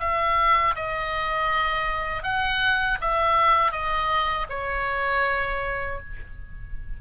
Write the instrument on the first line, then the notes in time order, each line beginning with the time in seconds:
oboe
0.00 E5
0.76 D#5
2.23 F#5
3.01 E5
3.72 D#5
4.50 C#5